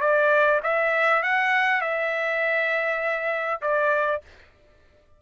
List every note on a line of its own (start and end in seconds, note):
0.00 0.60 D5
0.63 1.22 E5
1.22 1.81 F#5
1.81 3.61 E5
3.61 4.21 D5